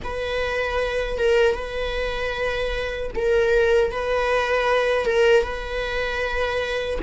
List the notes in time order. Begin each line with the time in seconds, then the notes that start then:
0.03 B4
1.18 A#4
1.54 B4
3.15 A#4
3.91 B4
5.05 A#4
5.43 B4